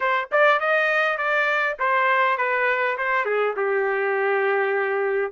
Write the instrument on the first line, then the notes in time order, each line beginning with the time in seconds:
trumpet
0.00 C5
0.31 D5
0.59 D#5
1.17 D5
1.79 C5
2.37 B4
2.97 C5
3.25 G#4
3.56 G4